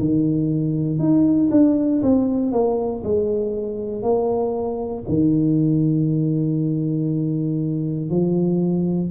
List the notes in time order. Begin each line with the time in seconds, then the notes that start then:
0.00 D#3
0.99 D#4
1.51 D4
2.02 C4
2.52 A#3
3.04 G#3
4.02 A#3
5.08 D#3
8.10 F3